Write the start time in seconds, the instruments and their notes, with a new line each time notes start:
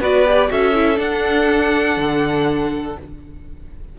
0.00 cello B3, viola F#4, violin B4 D5
0.24 viola G4
0.48 cello C#4, viola F#4, violin A4 E5
0.74 viola E4
0.96 viola D4, cello D4, violin F#5
1.97 cello D3